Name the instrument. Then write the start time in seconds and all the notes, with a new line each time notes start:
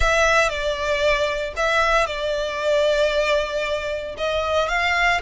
violin
0.00 E5
0.49 D5
1.56 E5
2.06 D5
4.17 D#5
4.68 F5